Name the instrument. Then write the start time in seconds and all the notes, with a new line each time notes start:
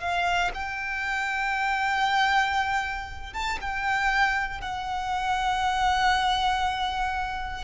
violin
0.00 F5
0.54 G5
3.33 A5
3.61 G5
4.61 F#5